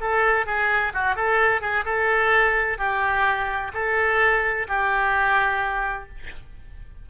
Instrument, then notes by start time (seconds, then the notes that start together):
oboe
0.00 A4
0.46 G#4
0.93 F#4
1.15 A4
1.61 G#4
1.85 A4
2.78 G4
3.73 A4
4.68 G4